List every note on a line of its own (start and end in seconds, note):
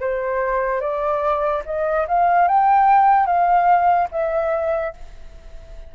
0.00 0.80 C5
0.80 1.63 D5
1.66 2.07 D#5
2.08 2.48 F5
2.48 3.26 G5
3.26 4.08 F5
4.11 4.94 E5